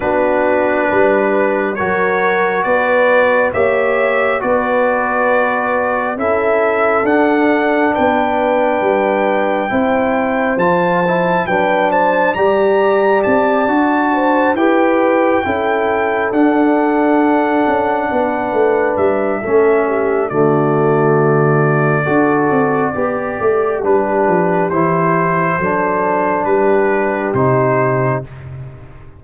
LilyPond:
<<
  \new Staff \with { instrumentName = "trumpet" } { \time 4/4 \tempo 4 = 68 b'2 cis''4 d''4 | e''4 d''2 e''4 | fis''4 g''2. | a''4 g''8 a''8 ais''4 a''4~ |
a''8 g''2 fis''4.~ | fis''4. e''4. d''4~ | d''2. b'4 | c''2 b'4 c''4 | }
  \new Staff \with { instrumentName = "horn" } { \time 4/4 fis'4 b'4 ais'4 b'4 | cis''4 b'2 a'4~ | a'4 b'2 c''4~ | c''4 b'8 c''8 d''2 |
c''8 b'4 a'2~ a'8~ | a'8 b'4. a'8 g'8 fis'4~ | fis'4 a'4 g'2~ | g'4 a'4 g'2 | }
  \new Staff \with { instrumentName = "trombone" } { \time 4/4 d'2 fis'2 | g'4 fis'2 e'4 | d'2. e'4 | f'8 e'8 d'4 g'4. fis'8~ |
fis'8 g'4 e'4 d'4.~ | d'2 cis'4 a4~ | a4 fis'4 g'4 d'4 | e'4 d'2 dis'4 | }
  \new Staff \with { instrumentName = "tuba" } { \time 4/4 b4 g4 fis4 b4 | ais4 b2 cis'4 | d'4 b4 g4 c'4 | f4 fis4 g4 c'8 d'8~ |
d'8 e'4 cis'4 d'4. | cis'8 b8 a8 g8 a4 d4~ | d4 d'8 c'8 b8 a8 g8 f8 | e4 fis4 g4 c4 | }
>>